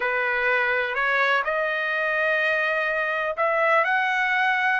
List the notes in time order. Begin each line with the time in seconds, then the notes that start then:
0.00 B4
0.94 C#5
1.44 D#5
3.36 E5
3.84 F#5